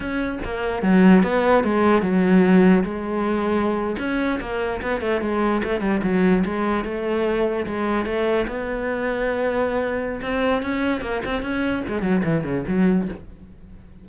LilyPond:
\new Staff \with { instrumentName = "cello" } { \time 4/4 \tempo 4 = 147 cis'4 ais4 fis4 b4 | gis4 fis2 gis4~ | gis4.~ gis16 cis'4 ais4 b16~ | b16 a8 gis4 a8 g8 fis4 gis16~ |
gis8. a2 gis4 a16~ | a8. b2.~ b16~ | b4 c'4 cis'4 ais8 c'8 | cis'4 gis8 fis8 e8 cis8 fis4 | }